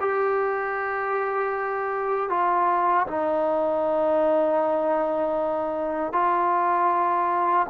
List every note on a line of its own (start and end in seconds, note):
0.00 2.29 G4
2.29 3.06 F4
3.07 6.12 D#4
6.12 7.66 F4